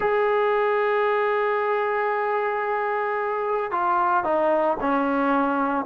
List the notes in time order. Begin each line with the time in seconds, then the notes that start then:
0.00 G#4
3.71 F4
4.24 D#4
4.80 C#4